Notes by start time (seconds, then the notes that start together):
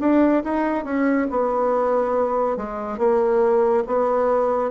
0.00 D4
0.44 D#4
0.84 C#4
1.31 B3
2.57 G#3
2.98 A#3
3.86 B3